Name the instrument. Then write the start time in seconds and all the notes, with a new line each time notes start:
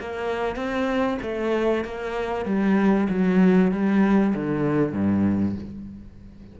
cello
0.00 A#3
0.56 C4
1.22 A3
1.85 A#3
2.45 G3
3.09 F#3
3.72 G3
4.35 D3
4.93 G2